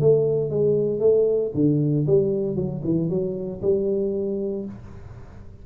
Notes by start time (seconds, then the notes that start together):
0.00 A3
0.50 G#3
1.00 A3
1.54 D3
2.07 G3
2.56 F#3
2.84 E3
3.09 F#3
3.62 G3